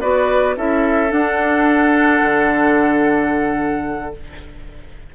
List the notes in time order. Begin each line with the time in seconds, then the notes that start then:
0.00 B3 F#4 B4 D5
0.57 C#4 E4 A4 E5
1.09 D4 F#5
2.22 D3